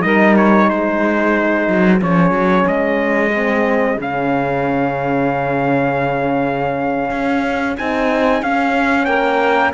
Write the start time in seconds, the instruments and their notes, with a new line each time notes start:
0.00 cello G3, horn D#4, saxophone A#4, trumpet D#5
0.37 trumpet C#5
0.67 cello G#3, saxophone G#4, trumpet C5
1.68 cello F#3
2.00 cello F3, horn C#4, trumpet C#5
2.31 cello F#3
2.67 cello G#3, trumpet D#5
3.34 horn C4
3.97 cello C#3, horn C#4, trumpet F5
7.10 cello C#4
7.77 cello C4, horn D#4, trumpet G#5
8.42 cello C#4, horn C#4, trumpet F5
9.05 cello A#3, saxophone A#4, trumpet G5